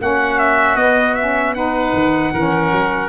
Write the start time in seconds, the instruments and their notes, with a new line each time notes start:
0.00 tuba A#3, saxophone C#4, oboe F#4, trumpet F#5
0.39 trumpet E5
0.76 tuba B3, saxophone B3, trumpet D#5
1.14 saxophone C#4, trumpet E5
1.54 saxophone D#4, oboe B4, trumpet F#5
1.93 tuba D#3
2.33 tuba E3, saxophone C#4, oboe A#4
2.71 tuba F#3